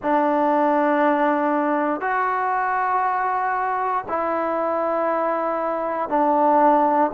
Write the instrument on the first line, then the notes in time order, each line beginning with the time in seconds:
trombone
0.02 D4
2.01 F#4
4.08 E4
6.09 D4